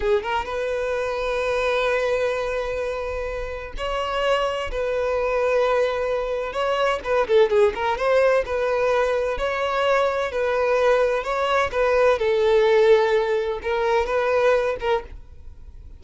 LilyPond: \new Staff \with { instrumentName = "violin" } { \time 4/4 \tempo 4 = 128 gis'8 ais'8 b'2.~ | b'1 | cis''2 b'2~ | b'2 cis''4 b'8 a'8 |
gis'8 ais'8 c''4 b'2 | cis''2 b'2 | cis''4 b'4 a'2~ | a'4 ais'4 b'4. ais'8 | }